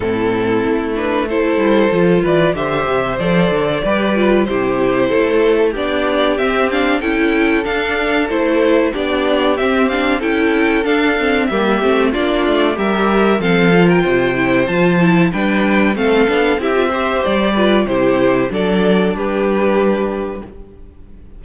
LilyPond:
<<
  \new Staff \with { instrumentName = "violin" } { \time 4/4 \tempo 4 = 94 a'4. b'8 c''4. d''8 | e''4 d''2 c''4~ | c''4 d''4 e''8 f''8 g''4 | f''4 c''4 d''4 e''8 f''8 |
g''4 f''4 e''4 d''4 | e''4 f''8. g''4~ g''16 a''4 | g''4 f''4 e''4 d''4 | c''4 d''4 b'2 | }
  \new Staff \with { instrumentName = "violin" } { \time 4/4 e'2 a'4. b'8 | c''2 b'4 g'4 | a'4 g'2 a'4~ | a'2 g'2 |
a'2 g'4 f'4 | ais'4 a'8. ais'16 c''2 | b'4 a'4 g'8 c''4 b'8 | g'4 a'4 g'2 | }
  \new Staff \with { instrumentName = "viola" } { \time 4/4 c'4. d'8 e'4 f'4 | g'4 a'4 g'8 f'8 e'4~ | e'4 d'4 c'8 d'8 e'4 | d'4 e'4 d'4 c'8 d'8 |
e'4 d'8 c'8 ais8 c'8 d'4 | g'4 c'8 f'4 e'8 f'8 e'8 | d'4 c'8 d'8 e'16 f'16 g'4 f'8 | e'4 d'2. | }
  \new Staff \with { instrumentName = "cello" } { \time 4/4 a,4 a4. g8 f8 e8 | d8 c8 f8 d8 g4 c4 | a4 b4 c'4 cis'4 | d'4 a4 b4 c'4 |
cis'4 d'4 g8 a8 ais8 a8 | g4 f4 c4 f4 | g4 a8 b8 c'4 g4 | c4 fis4 g2 | }
>>